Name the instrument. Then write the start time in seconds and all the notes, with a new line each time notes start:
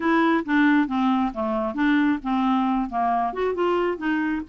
clarinet
0.00 E4
0.45 D4
0.87 C4
1.33 A3
1.74 D4
2.22 C4
2.89 A#3
3.33 F#4
3.54 F4
3.97 D#4